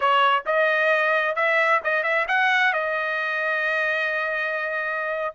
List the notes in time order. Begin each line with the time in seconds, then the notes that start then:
0.00 C#5
0.45 D#5
1.35 E5
1.84 D#5
2.03 E5
2.27 F#5
2.73 D#5